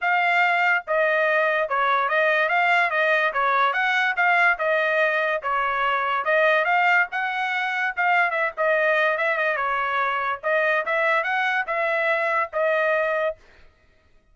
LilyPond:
\new Staff \with { instrumentName = "trumpet" } { \time 4/4 \tempo 4 = 144 f''2 dis''2 | cis''4 dis''4 f''4 dis''4 | cis''4 fis''4 f''4 dis''4~ | dis''4 cis''2 dis''4 |
f''4 fis''2 f''4 | e''8 dis''4. e''8 dis''8 cis''4~ | cis''4 dis''4 e''4 fis''4 | e''2 dis''2 | }